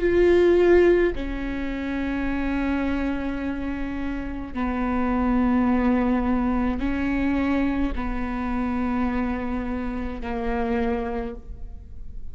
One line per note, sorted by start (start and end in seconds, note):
0.00 1.13 F4
1.15 4.54 C#4
4.54 6.80 B3
6.80 7.93 C#4
7.96 10.22 B3
10.22 11.35 A#3